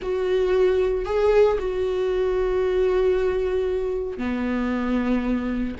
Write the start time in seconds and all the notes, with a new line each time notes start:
0.02 F#4
1.05 G#4
1.58 F#4
4.17 B3